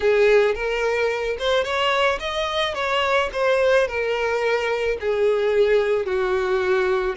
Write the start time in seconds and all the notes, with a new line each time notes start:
0.00 G#4
0.54 A#4
1.38 C5
1.63 C#5
2.19 D#5
2.74 C#5
3.33 C5
3.87 A#4
5.00 G#4
6.05 F#4